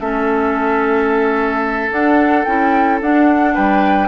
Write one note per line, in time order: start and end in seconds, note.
0.00 1.91 A3
0.00 1.90 C#4
0.00 3.54 A4
0.00 1.91 E5
1.90 2.45 D4
1.90 2.44 F#5
2.44 3.01 C#4
2.44 3.01 E4
2.44 2.99 G5
3.01 3.56 D4
3.01 4.08 D4
3.01 3.56 F#5
3.54 4.08 G3
3.54 4.08 B4
3.54 4.08 G5